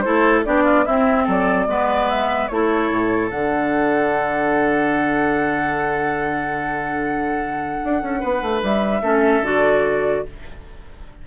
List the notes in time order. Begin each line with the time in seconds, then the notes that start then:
0.00 A3 E4 A4 C5
0.45 B3 D4 G4 D5
0.64 F4
0.85 C4 E4 E5
1.24 F#3 A4 D5
1.66 G#3 B3 B4
2.09 E5
2.47 A3 E4 A4 C#5
2.90 A2
3.30 D3 D4 F#5
7.84 D4
8.02 C#4
8.20 B3 B4
8.42 A3
8.62 G3 E5
9.01 A3 C#4 A4
9.41 D3 F#4 D5